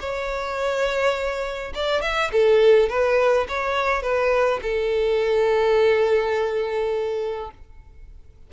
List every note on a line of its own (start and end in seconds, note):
0.00 1.73 C#5
1.75 2.02 D5
2.02 2.31 E5
2.32 2.89 A4
2.89 3.47 B4
3.49 4.03 C#5
4.03 4.60 B4
4.63 7.51 A4